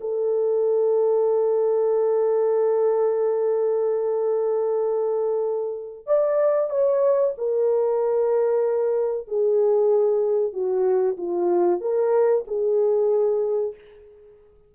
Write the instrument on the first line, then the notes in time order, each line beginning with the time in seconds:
horn
0.00 A4
6.06 D5
6.70 C#5
7.37 A#4
9.27 G#4
10.53 F#4
11.17 F4
11.81 A#4
12.47 G#4